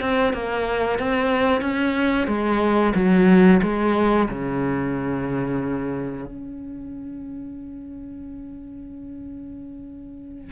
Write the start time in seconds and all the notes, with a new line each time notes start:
0.00 C4
0.33 A#3
0.99 C4
1.61 C#4
2.27 G#3
2.95 F#3
3.62 G#3
4.29 C#3
6.25 C#4